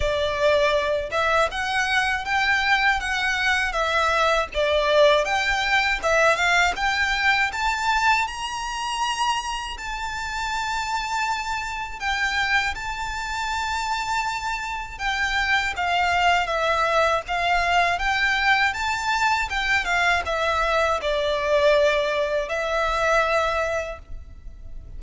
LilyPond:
\new Staff \with { instrumentName = "violin" } { \time 4/4 \tempo 4 = 80 d''4. e''8 fis''4 g''4 | fis''4 e''4 d''4 g''4 | e''8 f''8 g''4 a''4 ais''4~ | ais''4 a''2. |
g''4 a''2. | g''4 f''4 e''4 f''4 | g''4 a''4 g''8 f''8 e''4 | d''2 e''2 | }